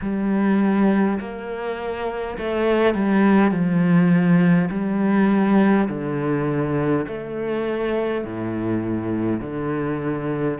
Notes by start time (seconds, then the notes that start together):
0.01 G3
1.19 A#3
2.38 A3
2.94 G3
3.51 F3
4.70 G3
5.88 D3
7.07 A3
8.24 A2
9.40 D3